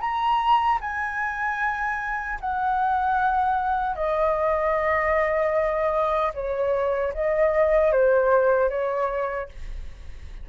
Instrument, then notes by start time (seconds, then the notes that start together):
flute
0.00 A#5
0.81 G#5
2.40 F#5
3.95 D#5
6.34 C#5
7.14 D#5
7.92 C5
8.69 C#5